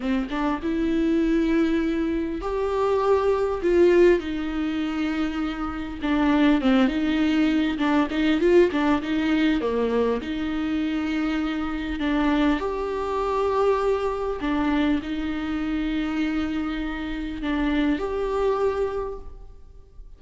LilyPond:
\new Staff \with { instrumentName = "viola" } { \time 4/4 \tempo 4 = 100 c'8 d'8 e'2. | g'2 f'4 dis'4~ | dis'2 d'4 c'8 dis'8~ | dis'4 d'8 dis'8 f'8 d'8 dis'4 |
ais4 dis'2. | d'4 g'2. | d'4 dis'2.~ | dis'4 d'4 g'2 | }